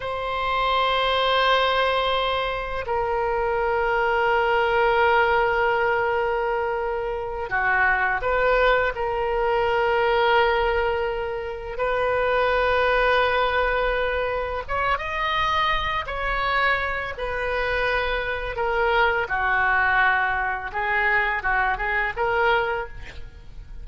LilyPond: \new Staff \with { instrumentName = "oboe" } { \time 4/4 \tempo 4 = 84 c''1 | ais'1~ | ais'2~ ais'8 fis'4 b'8~ | b'8 ais'2.~ ais'8~ |
ais'8 b'2.~ b'8~ | b'8 cis''8 dis''4. cis''4. | b'2 ais'4 fis'4~ | fis'4 gis'4 fis'8 gis'8 ais'4 | }